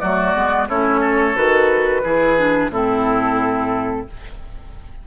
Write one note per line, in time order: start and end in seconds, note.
0.00 0.35 F#3
0.00 0.35 A3
0.00 0.69 F#4
0.00 0.67 D5
0.35 0.69 G#3
0.35 0.69 B3
0.69 1.36 A3
0.69 1.35 C#4
0.69 1.01 E4
0.69 1.36 C#5
1.01 2.02 A4
1.35 2.04 D#3
1.35 2.02 F#4
1.35 2.71 B4
2.04 2.70 E3
2.04 2.37 E4
2.04 2.71 G#4
2.37 2.71 D4
2.70 4.05 A2
2.70 4.07 C4
2.70 4.07 E4
2.70 4.08 A4